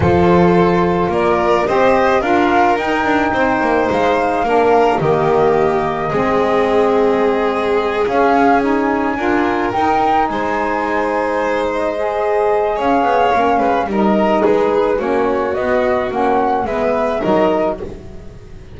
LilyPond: <<
  \new Staff \with { instrumentName = "flute" } { \time 4/4 \tempo 4 = 108 c''2 d''4 dis''4 | f''4 g''2 f''4~ | f''4 dis''2.~ | dis''2~ dis''8 f''4 gis''8~ |
gis''4. g''4 gis''4.~ | gis''4 dis''2 f''4~ | f''4 dis''4 b'4 cis''4 | dis''4 fis''4 e''4 dis''4 | }
  \new Staff \with { instrumentName = "violin" } { \time 4/4 a'2 ais'4 c''4 | ais'2 c''2 | ais'4 g'2 gis'4~ | gis'1~ |
gis'8 ais'2 c''4.~ | c''2. cis''4~ | cis''8 b'8 ais'4 gis'4 fis'4~ | fis'2 b'4 ais'4 | }
  \new Staff \with { instrumentName = "saxophone" } { \time 4/4 f'2. g'4 | f'4 dis'2. | d'4 ais2 c'4~ | c'2~ c'8 cis'4 dis'8~ |
dis'8 f'4 dis'2~ dis'8~ | dis'4. gis'2~ gis'8 | cis'4 dis'2 cis'4 | b4 cis'4 b4 dis'4 | }
  \new Staff \with { instrumentName = "double bass" } { \time 4/4 f2 ais4 c'4 | d'4 dis'8 d'8 c'8 ais8 gis4 | ais4 dis2 gis4~ | gis2~ gis8 cis'4.~ |
cis'8 d'4 dis'4 gis4.~ | gis2. cis'8 b8 | ais8 gis8 g4 gis4 ais4 | b4 ais4 gis4 fis4 | }
>>